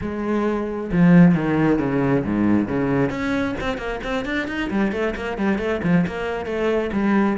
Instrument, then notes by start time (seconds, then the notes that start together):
cello
0.01 G#3
0.92 F3
1.34 D#3
1.78 C#3
2.24 G#2
2.68 C#3
3.10 C#4
3.60 C4
3.77 A#3
4.03 C4
4.25 D4
4.47 D#4
4.70 G3
4.92 A3
5.15 A#3
5.37 G3
5.58 A3
5.83 F3
6.06 A#3
6.45 A3
6.92 G3